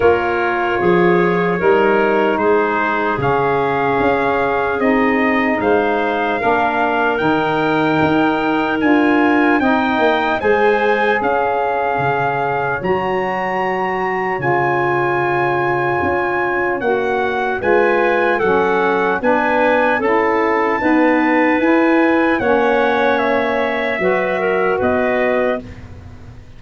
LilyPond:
<<
  \new Staff \with { instrumentName = "trumpet" } { \time 4/4 \tempo 4 = 75 cis''2. c''4 | f''2 dis''4 f''4~ | f''4 g''2 gis''4 | g''4 gis''4 f''2 |
ais''2 gis''2~ | gis''4 fis''4 gis''4 fis''4 | gis''4 a''2 gis''4 | fis''4 e''2 dis''4 | }
  \new Staff \with { instrumentName = "clarinet" } { \time 4/4 ais'4 gis'4 ais'4 gis'4~ | gis'2. c''4 | ais'1 | dis''4 c''4 cis''2~ |
cis''1~ | cis''2 b'4 a'4 | b'4 a'4 b'2 | cis''2 b'8 ais'8 b'4 | }
  \new Staff \with { instrumentName = "saxophone" } { \time 4/4 f'2 dis'2 | cis'2 dis'2 | d'4 dis'2 f'4 | dis'4 gis'2. |
fis'2 f'2~ | f'4 fis'4 f'4 cis'4 | d'4 e'4 b4 e'4 | cis'2 fis'2 | }
  \new Staff \with { instrumentName = "tuba" } { \time 4/4 ais4 f4 g4 gis4 | cis4 cis'4 c'4 gis4 | ais4 dis4 dis'4 d'4 | c'8 ais8 gis4 cis'4 cis4 |
fis2 cis2 | cis'4 ais4 gis4 fis4 | b4 cis'4 dis'4 e'4 | ais2 fis4 b4 | }
>>